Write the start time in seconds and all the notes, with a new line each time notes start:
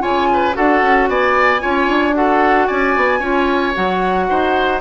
0.00 C#3 F4 C#5 G#5
0.34 B4
0.53 D4 F#4 A4 F#5
0.83 C#4
1.09 B3 D5 G#5
1.61 C#4 F4 C#5
1.88 D4
2.15 F#4 A4 F#5
2.68 C#4 D5 G#5
2.96 B3
3.20 C#4 F4 C#5
3.74 F#3 F#4 F#5
4.30 D#4 C5